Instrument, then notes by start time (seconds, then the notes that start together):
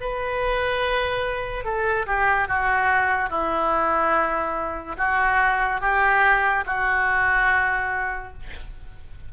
oboe
0.00 B4
1.64 A4
2.06 G4
2.48 F#4
3.29 E4
4.97 F#4
5.81 G4
6.66 F#4